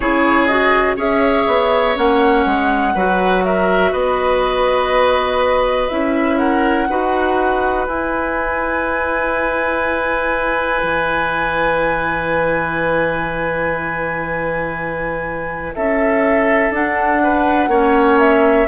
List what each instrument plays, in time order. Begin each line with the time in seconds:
0.00 bassoon C#3, clarinet E4, oboe G#4, flute C#5
0.45 clarinet F#4, flute D#5
0.96 bassoon C#4, clarinet G#4, oboe C#5, flute E5
1.47 bassoon B3
1.95 bassoon A#3, clarinet C#4, flute F#5
2.45 bassoon G#3
2.94 bassoon F#3, clarinet F#4, oboe B4
3.44 oboe A#4, flute E5
3.91 bassoon B3, oboe B4, flute D#5
5.89 bassoon C#4, clarinet E4, flute E5
6.38 oboe A#4, flute F#5
6.89 bassoon D#4, clarinet F#4, oboe B4
7.86 clarinet E4, bassoon E4, flute G#5
10.83 bassoon E3
15.74 bassoon C#4, oboe A4, flute E5
16.70 bassoon D4, clarinet D4, flute F#5
17.23 oboe B4
17.67 bassoon A#3, clarinet C#4, oboe C#5
18.19 flute E5